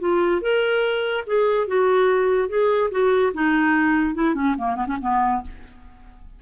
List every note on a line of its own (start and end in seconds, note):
0.00 0.41 F4
0.41 1.24 A#4
1.27 1.68 G#4
1.68 2.49 F#4
2.49 2.90 G#4
2.91 3.33 F#4
3.34 4.15 D#4
4.15 4.35 E4
4.35 4.55 C#4
4.58 4.76 A#3
4.76 4.86 B3
4.87 4.97 C#4
5.01 5.42 B3